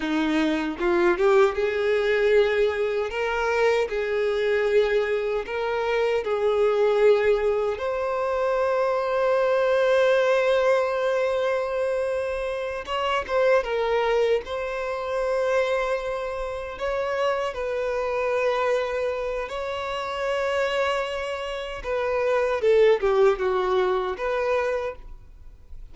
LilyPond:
\new Staff \with { instrumentName = "violin" } { \time 4/4 \tempo 4 = 77 dis'4 f'8 g'8 gis'2 | ais'4 gis'2 ais'4 | gis'2 c''2~ | c''1~ |
c''8 cis''8 c''8 ais'4 c''4.~ | c''4. cis''4 b'4.~ | b'4 cis''2. | b'4 a'8 g'8 fis'4 b'4 | }